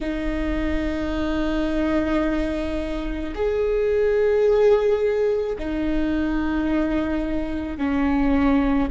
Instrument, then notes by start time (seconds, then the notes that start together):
viola
0.00 D#4
3.34 G#4
5.58 D#4
7.77 C#4